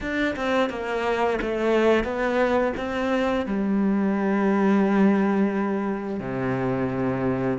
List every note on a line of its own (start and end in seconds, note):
0.00 0.35 D4
0.35 0.69 C4
0.69 1.38 A#3
1.41 2.03 A3
2.03 2.72 B3
2.76 3.45 C4
3.46 6.20 G3
6.20 7.58 C3